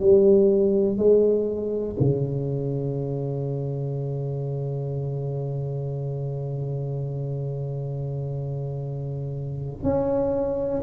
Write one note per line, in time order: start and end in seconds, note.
0.00 0.97 G3
0.97 1.96 G#3
2.00 9.83 C#3
9.83 10.82 C#4